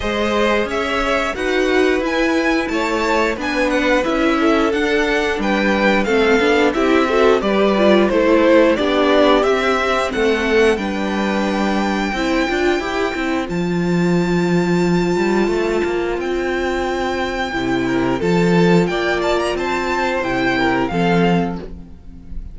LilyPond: <<
  \new Staff \with { instrumentName = "violin" } { \time 4/4 \tempo 4 = 89 dis''4 e''4 fis''4 gis''4 | a''4 gis''8 fis''8 e''4 fis''4 | g''4 f''4 e''4 d''4 | c''4 d''4 e''4 fis''4 |
g''1 | a''1 | g''2. a''4 | g''8 a''16 ais''16 a''4 g''4 f''4 | }
  \new Staff \with { instrumentName = "violin" } { \time 4/4 c''4 cis''4 b'2 | cis''4 b'4. a'4. | b'4 a'4 g'8 a'8 b'4 | a'4 g'2 a'4 |
b'2 c''2~ | c''1~ | c''2~ c''8 ais'8 a'4 | d''4 c''4. ais'8 a'4 | }
  \new Staff \with { instrumentName = "viola" } { \time 4/4 gis'2 fis'4 e'4~ | e'4 d'4 e'4 d'4~ | d'4 c'8 d'8 e'8 fis'8 g'8 f'8 | e'4 d'4 c'2 |
d'2 e'8 f'8 g'8 e'8 | f'1~ | f'2 e'4 f'4~ | f'2 e'4 c'4 | }
  \new Staff \with { instrumentName = "cello" } { \time 4/4 gis4 cis'4 dis'4 e'4 | a4 b4 cis'4 d'4 | g4 a8 b8 c'4 g4 | a4 b4 c'4 a4 |
g2 c'8 d'8 e'8 c'8 | f2~ f8 g8 a8 ais8 | c'2 c4 f4 | ais4 c'4 c4 f4 | }
>>